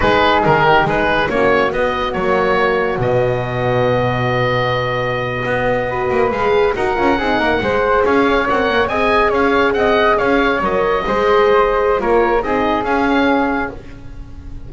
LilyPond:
<<
  \new Staff \with { instrumentName = "oboe" } { \time 4/4 \tempo 4 = 140 b'4 ais'4 b'4 cis''4 | dis''4 cis''2 dis''4~ | dis''1~ | dis''2~ dis''8. f''4 fis''16~ |
fis''2~ fis''8. f''4 fis''16~ | fis''8. gis''4 f''4 fis''4 f''16~ | f''8. dis''2.~ dis''16 | cis''4 dis''4 f''2 | }
  \new Staff \with { instrumentName = "flute" } { \time 4/4 gis'4. g'8 gis'4 fis'4~ | fis'1~ | fis'1~ | fis'4.~ fis'16 b'2 ais'16~ |
ais'8. gis'8 ais'8 c''4 cis''4~ cis''16~ | cis''8. dis''4 cis''4 dis''4 cis''16~ | cis''4.~ cis''16 c''2~ c''16 | ais'4 gis'2. | }
  \new Staff \with { instrumentName = "horn" } { \time 4/4 dis'2. cis'4 | b4 ais2 b4~ | b1~ | b4.~ b16 fis'4 gis'4 fis'16~ |
fis'16 f'8 dis'4 gis'2 ais'16~ | ais'8. gis'2.~ gis'16~ | gis'8. ais'4 gis'2~ gis'16 | f'4 dis'4 cis'2 | }
  \new Staff \with { instrumentName = "double bass" } { \time 4/4 gis4 dis4 gis4 ais4 | b4 fis2 b,4~ | b,1~ | b,8. b4. ais8 gis4 dis'16~ |
dis'16 cis'8 c'8 ais8 gis4 cis'4 c'16~ | c'16 ais8 c'4 cis'4 c'4 cis'16~ | cis'8. fis4 gis2~ gis16 | ais4 c'4 cis'2 | }
>>